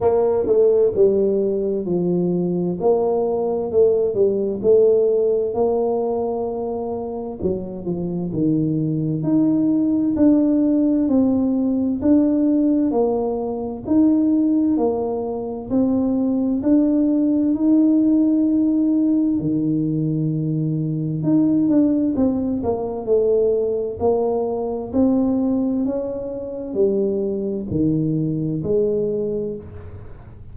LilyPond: \new Staff \with { instrumentName = "tuba" } { \time 4/4 \tempo 4 = 65 ais8 a8 g4 f4 ais4 | a8 g8 a4 ais2 | fis8 f8 dis4 dis'4 d'4 | c'4 d'4 ais4 dis'4 |
ais4 c'4 d'4 dis'4~ | dis'4 dis2 dis'8 d'8 | c'8 ais8 a4 ais4 c'4 | cis'4 g4 dis4 gis4 | }